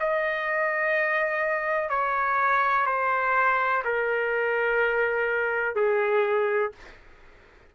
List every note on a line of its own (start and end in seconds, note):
0.00 1.90 D#5
1.90 2.86 C#5
2.86 3.83 C5
3.85 5.75 A#4
5.75 6.72 G#4